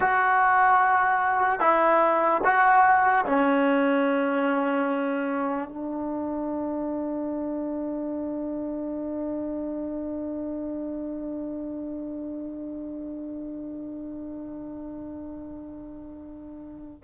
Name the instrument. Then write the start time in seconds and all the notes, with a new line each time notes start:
trombone
0.00 F#4
1.60 E4
2.44 F#4
3.25 C#4
5.68 D4